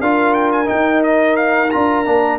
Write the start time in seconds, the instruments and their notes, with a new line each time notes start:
0.00 tuba D4, trombone F4, horn A#4, trumpet F5
0.33 trumpet G5
0.51 trumpet G#5
0.65 trombone D#4, tuba D#4, trumpet G5
1.03 trumpet D#5
1.36 trumpet F5
1.70 tuba D4, trombone F4, trumpet A#5
2.05 tuba A#3, trombone D4